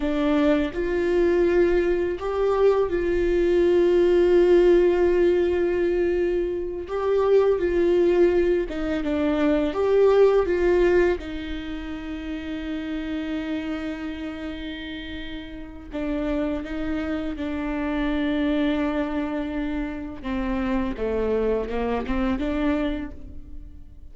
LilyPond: \new Staff \with { instrumentName = "viola" } { \time 4/4 \tempo 4 = 83 d'4 f'2 g'4 | f'1~ | f'4. g'4 f'4. | dis'8 d'4 g'4 f'4 dis'8~ |
dis'1~ | dis'2 d'4 dis'4 | d'1 | c'4 a4 ais8 c'8 d'4 | }